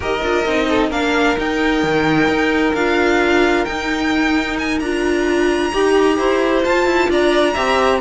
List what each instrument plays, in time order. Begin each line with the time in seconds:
0.00 cello D#4, viola G4, violin A#4 D#5
0.22 cello D4, viola F4
0.45 cello C4, viola D#4
0.69 violin A4
0.89 cello A#3, viola D4, violin A#4 F5
1.37 viola D#4, cello D#4, violin G5
1.83 cello D#3
2.28 cello D#4
2.73 cello D4, viola F4, violin F5
3.65 viola D#4, cello D#4, violin G5
4.58 violin G#5
4.79 cello D4, viola F4, violin A#5
5.72 cello D#4, viola G4, violin G4
6.17 cello E4, violin C5
6.62 viola F4, cello F4, violin A5
6.85 cello E4
7.09 cello D4, violin D5 A#5
7.53 cello C4, viola G4, violin E5